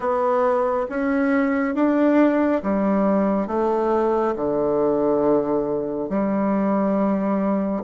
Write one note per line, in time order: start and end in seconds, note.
0.00 0.87 B3
0.89 1.74 C#4
1.74 2.61 D4
2.62 3.47 G3
3.47 4.34 A3
4.36 6.09 D3
6.09 7.83 G3